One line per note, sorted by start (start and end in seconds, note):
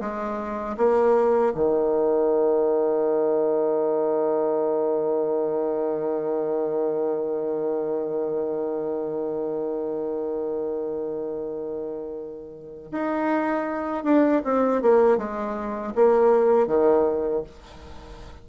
0.00 0.76 G#3
0.77 1.53 A#3
1.54 12.91 D#3
12.91 14.04 D#4
14.04 14.42 D4
14.44 14.82 C4
14.82 15.17 A#3
15.17 15.93 G#3
15.95 16.67 A#3
16.67 17.43 D#3